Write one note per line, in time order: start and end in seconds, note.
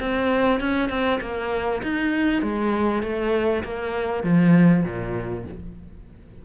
0.00 0.60 C4
0.60 0.90 C#4
0.90 1.20 C4
1.21 1.82 A#3
1.83 2.42 D#4
2.42 3.03 G#3
3.03 3.63 A3
3.64 4.24 A#3
4.24 4.84 F3
4.84 5.45 A#2